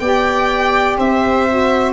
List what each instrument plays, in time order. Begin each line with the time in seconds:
0.00 tuba B3, saxophone G4, viola D5, violin G5
0.98 tuba C4, viola C5, violin E5
1.50 saxophone F#4